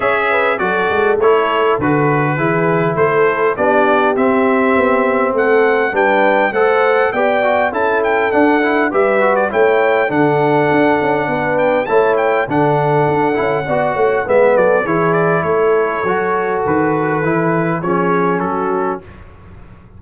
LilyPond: <<
  \new Staff \with { instrumentName = "trumpet" } { \time 4/4 \tempo 4 = 101 e''4 d''4 cis''4 b'4~ | b'4 c''4 d''4 e''4~ | e''4 fis''4 g''4 fis''4 | g''4 a''8 g''8 fis''4 e''8. d''16 |
g''4 fis''2~ fis''8 g''8 | a''8 g''8 fis''2. | e''8 d''8 cis''8 d''8 cis''2 | b'2 cis''4 a'4 | }
  \new Staff \with { instrumentName = "horn" } { \time 4/4 cis''8 b'8 a'2. | gis'4 a'4 g'2~ | g'4 a'4 b'4 c''4 | d''4 a'2 b'4 |
cis''4 a'2 b'4 | cis''4 a'2 d''8 cis''8 | b'8 a'8 gis'4 a'2~ | a'2 gis'4 fis'4 | }
  \new Staff \with { instrumentName = "trombone" } { \time 4/4 gis'4 fis'4 e'4 fis'4 | e'2 d'4 c'4~ | c'2 d'4 a'4 | g'8 fis'8 e'4 d'8 e'8 g'8 fis'8 |
e'4 d'2. | e'4 d'4. e'8 fis'4 | b4 e'2 fis'4~ | fis'4 e'4 cis'2 | }
  \new Staff \with { instrumentName = "tuba" } { \time 4/4 cis'4 fis8 gis8 a4 d4 | e4 a4 b4 c'4 | b4 a4 g4 a4 | b4 cis'4 d'4 g4 |
a4 d4 d'8 cis'8 b4 | a4 d4 d'8 cis'8 b8 a8 | gis8 fis8 e4 a4 fis4 | dis4 e4 f4 fis4 | }
>>